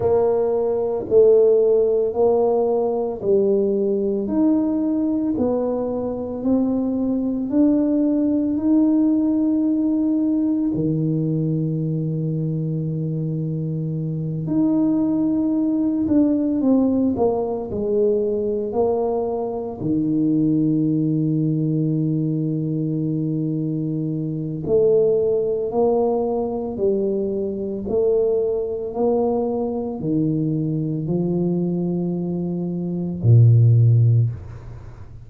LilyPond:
\new Staff \with { instrumentName = "tuba" } { \time 4/4 \tempo 4 = 56 ais4 a4 ais4 g4 | dis'4 b4 c'4 d'4 | dis'2 dis2~ | dis4. dis'4. d'8 c'8 |
ais8 gis4 ais4 dis4.~ | dis2. a4 | ais4 g4 a4 ais4 | dis4 f2 ais,4 | }